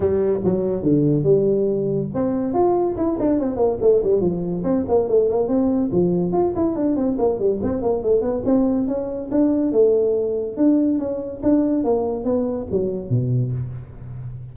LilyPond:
\new Staff \with { instrumentName = "tuba" } { \time 4/4 \tempo 4 = 142 g4 fis4 d4 g4~ | g4 c'4 f'4 e'8 d'8 | c'8 ais8 a8 g8 f4 c'8 ais8 | a8 ais8 c'4 f4 f'8 e'8 |
d'8 c'8 ais8 g8 c'8 ais8 a8 b8 | c'4 cis'4 d'4 a4~ | a4 d'4 cis'4 d'4 | ais4 b4 fis4 b,4 | }